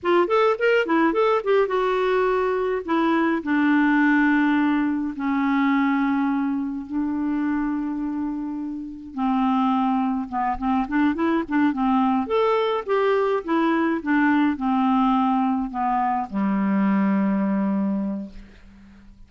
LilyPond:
\new Staff \with { instrumentName = "clarinet" } { \time 4/4 \tempo 4 = 105 f'8 a'8 ais'8 e'8 a'8 g'8 fis'4~ | fis'4 e'4 d'2~ | d'4 cis'2. | d'1 |
c'2 b8 c'8 d'8 e'8 | d'8 c'4 a'4 g'4 e'8~ | e'8 d'4 c'2 b8~ | b8 g2.~ g8 | }